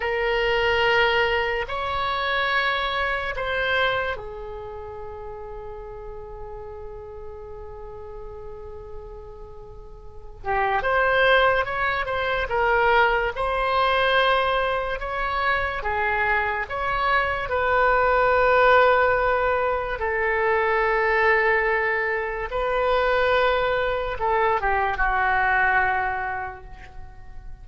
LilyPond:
\new Staff \with { instrumentName = "oboe" } { \time 4/4 \tempo 4 = 72 ais'2 cis''2 | c''4 gis'2.~ | gis'1~ | gis'8 g'8 c''4 cis''8 c''8 ais'4 |
c''2 cis''4 gis'4 | cis''4 b'2. | a'2. b'4~ | b'4 a'8 g'8 fis'2 | }